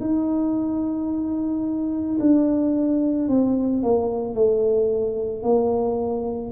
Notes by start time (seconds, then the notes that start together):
0.00 D#4
2.19 D4
3.28 C4
3.82 A#3
4.34 A3
5.42 A#3